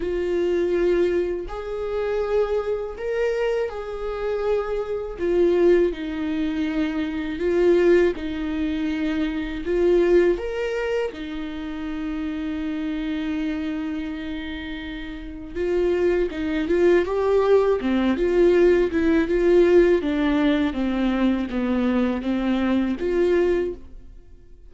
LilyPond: \new Staff \with { instrumentName = "viola" } { \time 4/4 \tempo 4 = 81 f'2 gis'2 | ais'4 gis'2 f'4 | dis'2 f'4 dis'4~ | dis'4 f'4 ais'4 dis'4~ |
dis'1~ | dis'4 f'4 dis'8 f'8 g'4 | c'8 f'4 e'8 f'4 d'4 | c'4 b4 c'4 f'4 | }